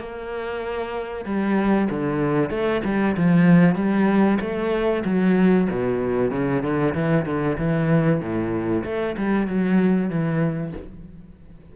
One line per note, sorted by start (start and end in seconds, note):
0.00 1.26 A#3
1.26 1.89 G3
1.91 2.50 D3
2.50 2.82 A3
2.85 3.16 G3
3.17 3.76 F3
3.76 4.39 G3
4.41 5.04 A3
5.05 5.68 F#3
5.71 6.31 B2
6.31 6.63 C#3
6.63 6.94 D3
6.95 7.26 E3
7.26 7.58 D3
7.58 8.21 E3
8.21 8.84 A2
8.85 9.16 A3
9.18 9.48 G3
9.48 10.10 F#3
10.10 10.73 E3